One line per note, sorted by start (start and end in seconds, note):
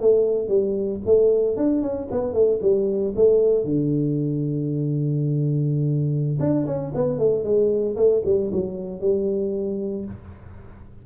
0.00 0.48 A3
0.48 1.00 G3
1.05 1.57 A3
1.57 1.82 D4
1.82 2.08 C#4
2.11 2.33 B3
2.33 2.59 A3
2.62 3.14 G3
3.15 3.65 A3
3.65 6.38 D3
6.40 6.66 D4
6.66 6.92 C#4
6.94 7.18 B3
7.18 7.43 A3
7.43 7.96 G#3
7.96 8.22 A3
8.25 8.51 G3
8.52 9.00 F#3
9.00 10.05 G3